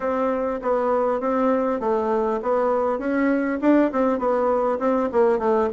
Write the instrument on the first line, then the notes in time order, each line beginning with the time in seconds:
bassoon
0.00 C4
0.62 B3
1.20 C4
1.79 A3
2.42 B3
2.98 C#4
3.61 D4
3.92 C4
4.18 B3
4.79 C4
5.12 A#3
5.38 A3